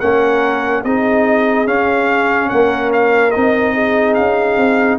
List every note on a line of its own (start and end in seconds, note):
0.00 0.84 A#3
0.00 0.85 C#4
0.00 0.84 A#4
0.00 0.83 F#5
0.84 1.67 C4
0.84 1.66 D#4
0.84 2.50 G#4
0.84 1.67 D#5
1.66 3.33 C#4
1.66 2.51 C#4
1.66 2.49 F5
2.49 3.35 A#3
2.49 3.74 A#4
2.49 2.91 F#5
2.93 3.31 F5
3.31 4.18 C4
3.31 4.99 D#4
3.31 4.14 D#5
3.74 4.99 G#4
4.15 4.57 C#4
4.15 4.98 F5
4.57 4.99 C4